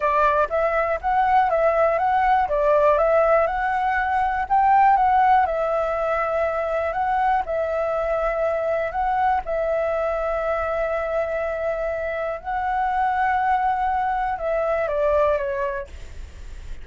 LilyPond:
\new Staff \with { instrumentName = "flute" } { \time 4/4 \tempo 4 = 121 d''4 e''4 fis''4 e''4 | fis''4 d''4 e''4 fis''4~ | fis''4 g''4 fis''4 e''4~ | e''2 fis''4 e''4~ |
e''2 fis''4 e''4~ | e''1~ | e''4 fis''2.~ | fis''4 e''4 d''4 cis''4 | }